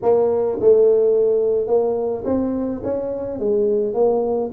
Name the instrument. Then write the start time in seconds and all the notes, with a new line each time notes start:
tuba
0.02 A#3
0.60 A3
1.67 A#3
2.25 C4
2.83 C#4
3.39 G#3
3.93 A#3